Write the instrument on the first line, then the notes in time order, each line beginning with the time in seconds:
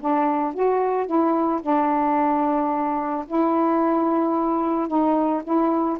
saxophone
0.00 D4
0.54 F#4
1.06 E4
1.62 D4
3.27 E4
4.88 D#4
5.43 E4